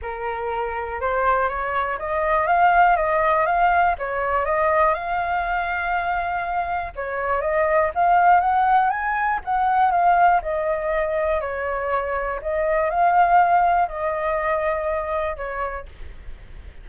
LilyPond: \new Staff \with { instrumentName = "flute" } { \time 4/4 \tempo 4 = 121 ais'2 c''4 cis''4 | dis''4 f''4 dis''4 f''4 | cis''4 dis''4 f''2~ | f''2 cis''4 dis''4 |
f''4 fis''4 gis''4 fis''4 | f''4 dis''2 cis''4~ | cis''4 dis''4 f''2 | dis''2. cis''4 | }